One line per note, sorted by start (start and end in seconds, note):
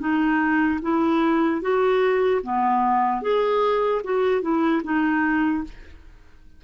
0.00 0.80 D#4
0.82 1.62 E4
1.62 2.42 F#4
2.43 3.22 B3
3.22 4.02 G#4
4.04 4.42 F#4
4.42 4.82 E4
4.84 5.64 D#4